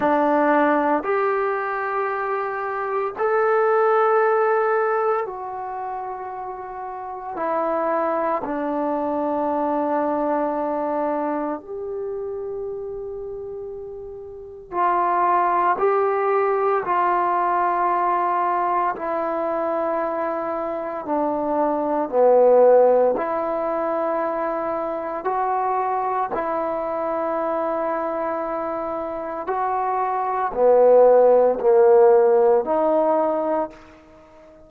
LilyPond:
\new Staff \with { instrumentName = "trombone" } { \time 4/4 \tempo 4 = 57 d'4 g'2 a'4~ | a'4 fis'2 e'4 | d'2. g'4~ | g'2 f'4 g'4 |
f'2 e'2 | d'4 b4 e'2 | fis'4 e'2. | fis'4 b4 ais4 dis'4 | }